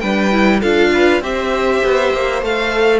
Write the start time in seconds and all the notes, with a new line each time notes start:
0.00 G3 D4 B4 G5
0.32 E4
0.60 D4 F4 A4 F5
0.94 B4
1.20 C4 G4 C5 E5
1.84 B3
2.13 A#3
2.42 A3 A4 F5